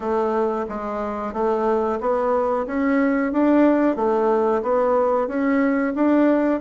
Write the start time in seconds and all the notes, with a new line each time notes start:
0.00 A3
0.68 G#3
1.33 A3
2.00 B3
2.66 C#4
3.32 D4
3.96 A3
4.62 B3
5.27 C#4
5.95 D4